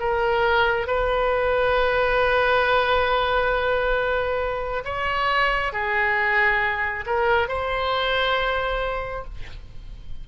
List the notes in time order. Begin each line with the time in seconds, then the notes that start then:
0.00 A#4
0.87 B4
4.85 C#5
5.73 G#4
7.07 A#4
7.49 C5